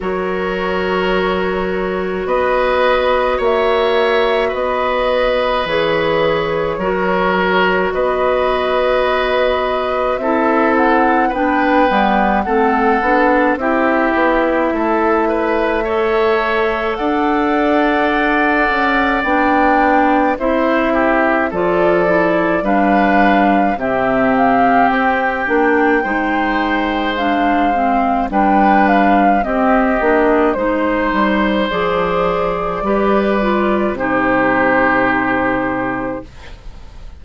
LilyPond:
<<
  \new Staff \with { instrumentName = "flute" } { \time 4/4 \tempo 4 = 53 cis''2 dis''4 e''4 | dis''4 cis''2 dis''4~ | dis''4 e''8 fis''8 g''4 fis''4 | e''2. fis''4~ |
fis''4 g''4 e''4 d''4 | f''4 e''8 f''8 g''2 | f''4 g''8 f''8 dis''4 c''4 | d''2 c''2 | }
  \new Staff \with { instrumentName = "oboe" } { \time 4/4 ais'2 b'4 cis''4 | b'2 ais'4 b'4~ | b'4 a'4 b'4 a'4 | g'4 a'8 b'8 cis''4 d''4~ |
d''2 c''8 g'8 a'4 | b'4 g'2 c''4~ | c''4 b'4 g'4 c''4~ | c''4 b'4 g'2 | }
  \new Staff \with { instrumentName = "clarinet" } { \time 4/4 fis'1~ | fis'4 gis'4 fis'2~ | fis'4 e'4 d'8 b8 c'8 d'8 | e'2 a'2~ |
a'4 d'4 e'4 f'8 e'8 | d'4 c'4. d'8 dis'4 | d'8 c'8 d'4 c'8 d'8 dis'4 | gis'4 g'8 f'8 dis'2 | }
  \new Staff \with { instrumentName = "bassoon" } { \time 4/4 fis2 b4 ais4 | b4 e4 fis4 b4~ | b4 c'4 b8 g8 a8 b8 | c'8 b8 a2 d'4~ |
d'8 cis'8 b4 c'4 f4 | g4 c4 c'8 ais8 gis4~ | gis4 g4 c'8 ais8 gis8 g8 | f4 g4 c2 | }
>>